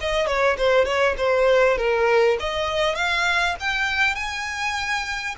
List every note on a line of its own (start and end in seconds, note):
0.00 0.26 D#5
0.26 0.56 C#5
0.58 0.85 C5
0.85 1.15 C#5
1.17 1.77 C5
1.77 2.37 A#4
2.39 2.95 D#5
2.95 3.55 F5
3.60 4.15 G5
4.15 5.35 G#5